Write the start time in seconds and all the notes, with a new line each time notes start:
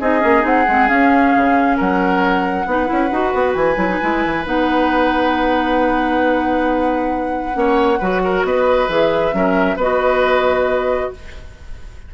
0.00 C4 D#4 G#4 D#5
0.20 A#3 C#4
0.41 C4 D#4 F#5
0.67 G#3 C4
0.87 C#4 F5
1.36 C#3
1.76 F#3 A#4 F#5
2.66 B3 D#4 B4
2.86 C#4 E4
3.11 D#4 F#4
3.33 B3
3.55 E3 G#5
3.76 F#3 E4
3.88 D#4
4.01 G#3 E4
4.25 E3
4.44 B3 D#4 F#5
7.53 A#3 C#4 C#5
7.99 F#3 F#4 B4
8.24 A#4
8.44 B3 B4 D#5
8.88 E3 G#4 E5
9.32 F#3 C#4 A#4
9.76 B3 F#4 B4 D#5